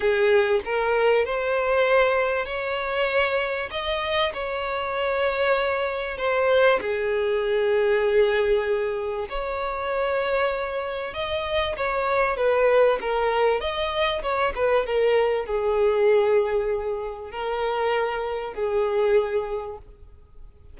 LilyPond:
\new Staff \with { instrumentName = "violin" } { \time 4/4 \tempo 4 = 97 gis'4 ais'4 c''2 | cis''2 dis''4 cis''4~ | cis''2 c''4 gis'4~ | gis'2. cis''4~ |
cis''2 dis''4 cis''4 | b'4 ais'4 dis''4 cis''8 b'8 | ais'4 gis'2. | ais'2 gis'2 | }